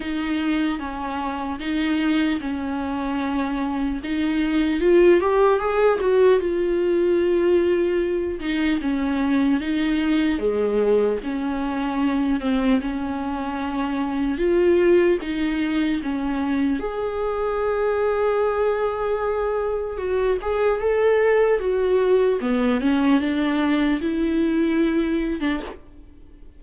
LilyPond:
\new Staff \with { instrumentName = "viola" } { \time 4/4 \tempo 4 = 75 dis'4 cis'4 dis'4 cis'4~ | cis'4 dis'4 f'8 g'8 gis'8 fis'8 | f'2~ f'8 dis'8 cis'4 | dis'4 gis4 cis'4. c'8 |
cis'2 f'4 dis'4 | cis'4 gis'2.~ | gis'4 fis'8 gis'8 a'4 fis'4 | b8 cis'8 d'4 e'4.~ e'16 d'16 | }